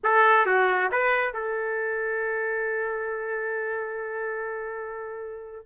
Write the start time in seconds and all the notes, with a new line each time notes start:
0.03 A4
0.45 F#4
0.91 B4
1.33 A4